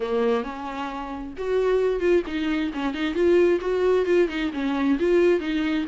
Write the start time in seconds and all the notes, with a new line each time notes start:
0.00 A#3
0.43 C#4
1.37 F#4
2.00 F4
2.26 D#4
2.73 C#4
2.93 D#4
3.14 F4
3.60 F#4
4.05 F4
4.28 D#4
4.53 C#4
4.99 F4
5.40 D#4